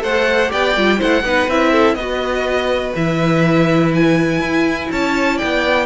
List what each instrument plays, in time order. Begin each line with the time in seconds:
0.00 cello A3, viola A4, violin C5 F#5
0.49 cello B3, viola G4, violin D5 G5
0.77 cello G3, viola F4
0.98 cello A3, viola E4, violin C5 F#5
1.23 cello B3, viola D#4, violin B4
1.48 cello C4, viola E4, violin E5
1.72 violin A4
1.95 cello B3, viola F#4, violin B4 D#5
2.96 cello E3, viola E4, violin E5
3.95 violin G#5
4.40 cello E4
4.91 cello C#4, violin C#5 A5
5.38 cello B3, violin D5 G5